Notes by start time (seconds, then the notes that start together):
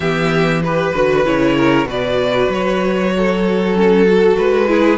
0.00 E3 B3 G4 E5
0.62 G4 B4
0.94 D3 F#4
1.25 C#3 E4 C#5
1.56 A#4
1.85 B2 F#4 B4 D5
2.48 F#3 C#5
3.16 A4
3.75 C#4 A4
4.08 F#4
4.36 G#3 B4
4.67 E4 G#4